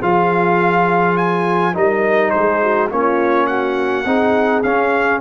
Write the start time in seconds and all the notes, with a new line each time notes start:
0.00 F3 F4 G#4 F5
1.17 G#5
1.74 G3 D#4 A#4 D#5
2.30 G#3 G#4 C5
2.63 F#4
2.90 A#3 C#4 F4 C#5
3.47 F#4 F#5
4.05 C4 D#4 G#4
4.63 C#4 F5